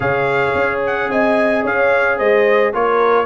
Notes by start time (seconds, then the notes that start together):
0.00 C#3 G#4 C#5 F5
0.54 C#4
0.86 F#5
1.09 C4 D#5 G#5
1.63 C#4 C#5 F5
2.17 G#3 C5 D#5
2.73 A#3 F4 A#4 C#5